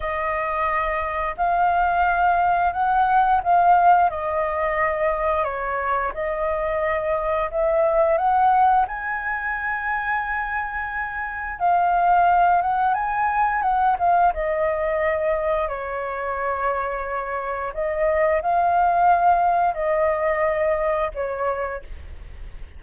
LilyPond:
\new Staff \with { instrumentName = "flute" } { \time 4/4 \tempo 4 = 88 dis''2 f''2 | fis''4 f''4 dis''2 | cis''4 dis''2 e''4 | fis''4 gis''2.~ |
gis''4 f''4. fis''8 gis''4 | fis''8 f''8 dis''2 cis''4~ | cis''2 dis''4 f''4~ | f''4 dis''2 cis''4 | }